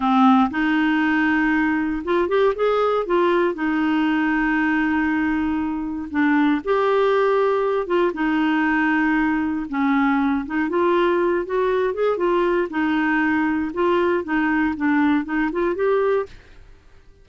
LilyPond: \new Staff \with { instrumentName = "clarinet" } { \time 4/4 \tempo 4 = 118 c'4 dis'2. | f'8 g'8 gis'4 f'4 dis'4~ | dis'1 | d'4 g'2~ g'8 f'8 |
dis'2. cis'4~ | cis'8 dis'8 f'4. fis'4 gis'8 | f'4 dis'2 f'4 | dis'4 d'4 dis'8 f'8 g'4 | }